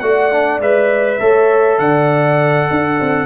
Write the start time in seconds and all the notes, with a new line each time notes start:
0.00 A3 F#4 D5 F#5
0.31 D4
0.59 G#3 B4 E5
1.19 A3 A4 C#5
1.78 D3 D5 F#5
2.70 D4
3.00 C4